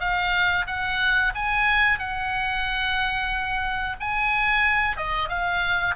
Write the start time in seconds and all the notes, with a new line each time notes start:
0.00 F5
0.67 F#5
1.35 G#5
1.99 F#5
4.00 G#5
4.97 D#5
5.29 F5